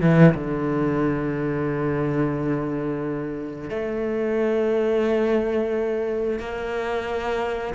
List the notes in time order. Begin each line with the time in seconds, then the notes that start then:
0.00 E3
0.34 D3
3.69 A3
6.39 A#3